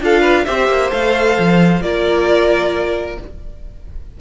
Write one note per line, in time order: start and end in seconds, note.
0.00 0.45 D4
0.00 0.46 F4
0.00 0.20 A4
0.00 0.45 F5
0.20 0.43 B4
0.45 0.68 C4
0.45 0.90 G4
0.45 1.82 C5
0.45 0.90 E5
0.68 0.91 A#3
0.90 1.38 A3
0.90 1.81 A4
0.90 1.82 F5
1.38 1.81 F3
1.81 3.17 A#3
1.81 3.18 F4
1.81 3.20 A#4
1.81 3.18 D5